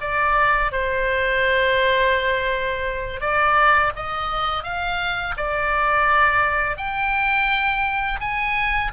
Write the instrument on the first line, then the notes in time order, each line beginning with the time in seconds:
oboe
0.00 D5
0.72 C5
3.20 D5
3.95 D#5
4.63 F5
5.37 D5
6.77 G5
8.20 G#5